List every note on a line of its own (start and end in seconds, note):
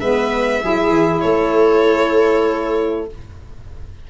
0.00 0.63 G#3
0.00 0.62 B3
0.00 0.62 B4
0.00 1.21 E5
0.62 0.89 F#3
0.62 3.09 E4
0.62 1.23 G#4
0.89 1.20 E3
1.21 3.10 A3
1.21 3.09 A4
1.21 3.07 C#5